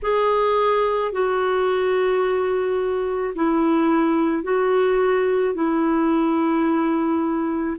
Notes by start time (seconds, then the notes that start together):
0.02 G#4
1.12 F#4
3.35 E4
4.43 F#4
5.54 E4